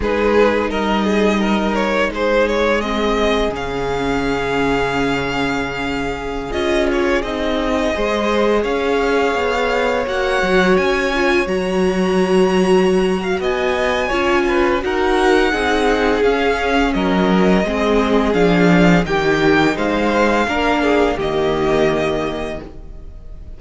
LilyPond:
<<
  \new Staff \with { instrumentName = "violin" } { \time 4/4 \tempo 4 = 85 b'4 dis''4. cis''8 c''8 cis''8 | dis''4 f''2.~ | f''4~ f''16 dis''8 cis''8 dis''4.~ dis''16~ | dis''16 f''2 fis''4 gis''8.~ |
gis''16 ais''2~ ais''8. gis''4~ | gis''4 fis''2 f''4 | dis''2 f''4 g''4 | f''2 dis''2 | }
  \new Staff \with { instrumentName = "violin" } { \time 4/4 gis'4 ais'8 gis'8 ais'4 gis'4~ | gis'1~ | gis'2.~ gis'16 c''8.~ | c''16 cis''2.~ cis''8.~ |
cis''2~ cis''8. f''16 dis''4 | cis''8 b'8 ais'4 gis'2 | ais'4 gis'2 g'4 | c''4 ais'8 gis'8 g'2 | }
  \new Staff \with { instrumentName = "viola" } { \time 4/4 dis'1 | c'4 cis'2.~ | cis'4~ cis'16 f'4 dis'4 gis'8.~ | gis'2~ gis'16 fis'4. f'16~ |
f'16 fis'2.~ fis'8. | f'4 fis'4 dis'4 cis'4~ | cis'4 c'4 d'4 dis'4~ | dis'4 d'4 ais2 | }
  \new Staff \with { instrumentName = "cello" } { \time 4/4 gis4 g2 gis4~ | gis4 cis2.~ | cis4~ cis16 cis'4 c'4 gis8.~ | gis16 cis'4 b4 ais8 fis8 cis'8.~ |
cis'16 fis2~ fis8. b4 | cis'4 dis'4 c'4 cis'4 | fis4 gis4 f4 dis4 | gis4 ais4 dis2 | }
>>